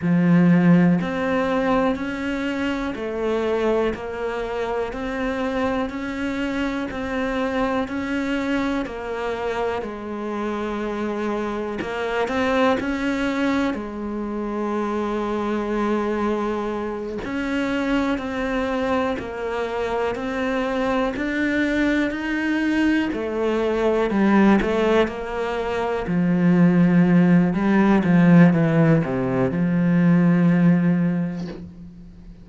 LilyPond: \new Staff \with { instrumentName = "cello" } { \time 4/4 \tempo 4 = 61 f4 c'4 cis'4 a4 | ais4 c'4 cis'4 c'4 | cis'4 ais4 gis2 | ais8 c'8 cis'4 gis2~ |
gis4. cis'4 c'4 ais8~ | ais8 c'4 d'4 dis'4 a8~ | a8 g8 a8 ais4 f4. | g8 f8 e8 c8 f2 | }